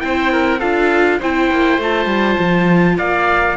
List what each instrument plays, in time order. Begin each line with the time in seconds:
0.00 cello C4, viola E4, oboe C5, trumpet G5
0.32 oboe A#4
0.59 cello D4, viola F4, oboe A4, trumpet F5
1.20 cello C4, viola E4, oboe C5, trumpet G5
1.51 cello A#3
1.79 cello A3, viola F4, trumpet A5
2.06 cello G3
2.39 cello F3
2.98 cello A#3, oboe D5, trumpet F5